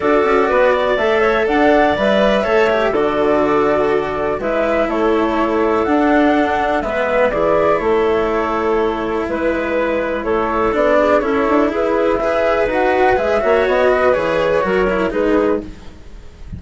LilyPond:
<<
  \new Staff \with { instrumentName = "flute" } { \time 4/4 \tempo 4 = 123 d''2 e''4 fis''4 | e''2 d''2~ | d''4 e''4 cis''2 | fis''2 e''4 d''4 |
cis''2. b'4~ | b'4 cis''4 d''4 cis''4 | b'4 e''4 fis''4 e''4 | dis''4 cis''2 b'4 | }
  \new Staff \with { instrumentName = "clarinet" } { \time 4/4 a'4 b'8 d''4 cis''8 d''4~ | d''4 cis''4 a'2~ | a'4 b'4 a'2~ | a'2 b'4 gis'4 |
a'2. b'4~ | b'4 a'4. gis'8 a'4 | gis'4 b'2~ b'8 cis''8~ | cis''8 b'4. ais'4 gis'4 | }
  \new Staff \with { instrumentName = "cello" } { \time 4/4 fis'2 a'2 | b'4 a'8 g'8 fis'2~ | fis'4 e'2. | d'2 b4 e'4~ |
e'1~ | e'2 d'4 e'4~ | e'4 gis'4 fis'4 gis'8 fis'8~ | fis'4 gis'4 fis'8 e'8 dis'4 | }
  \new Staff \with { instrumentName = "bassoon" } { \time 4/4 d'8 cis'8 b4 a4 d'4 | g4 a4 d2~ | d4 gis4 a2 | d'2 gis4 e4 |
a2. gis4~ | gis4 a4 b4 cis'8 d'8 | e'2 dis'4 gis8 ais8 | b4 e4 fis4 gis4 | }
>>